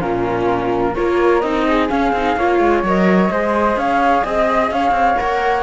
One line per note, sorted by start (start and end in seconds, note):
0.00 0.95 A#2
0.00 0.94 C#4
0.00 0.95 F4
0.00 0.95 A#4
0.95 1.43 A#3
0.95 1.43 F4
0.95 1.67 A#4
0.95 1.41 C#5
1.41 1.90 C4
1.41 1.89 D#4
1.41 1.88 D#5
1.68 2.38 G#4
1.89 2.13 C#4
1.89 2.83 F5
2.13 2.37 C4
2.13 2.39 D#4
2.37 2.60 A#3
2.37 2.86 F4
2.37 3.32 C#5
2.60 2.83 G#3
2.83 3.30 F#3
2.83 3.32 A#4
2.83 3.79 D#5
3.31 3.76 G#3
3.31 5.17 G#4
3.31 3.79 C5
3.76 4.23 C#4
3.76 4.24 C#5
3.76 4.26 F5
4.24 4.71 C4
4.24 4.71 D#5
4.24 4.73 D#5
4.71 4.91 C#4
4.71 5.63 C#5
4.71 5.18 F5
4.91 5.15 C4
5.17 5.63 A#3
5.17 5.63 A#4
5.17 5.63 F#5